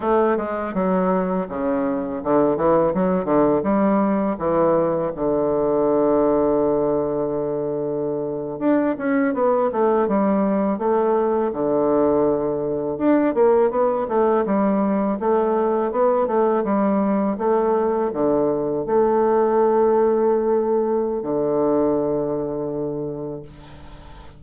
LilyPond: \new Staff \with { instrumentName = "bassoon" } { \time 4/4 \tempo 4 = 82 a8 gis8 fis4 cis4 d8 e8 | fis8 d8 g4 e4 d4~ | d2.~ d8. d'16~ | d'16 cis'8 b8 a8 g4 a4 d16~ |
d4.~ d16 d'8 ais8 b8 a8 g16~ | g8. a4 b8 a8 g4 a16~ | a8. d4 a2~ a16~ | a4 d2. | }